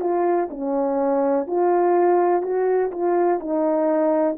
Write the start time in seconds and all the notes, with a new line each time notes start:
0.00 F4
0.50 C#4
1.47 F4
2.42 F#4
2.91 F4
3.40 D#4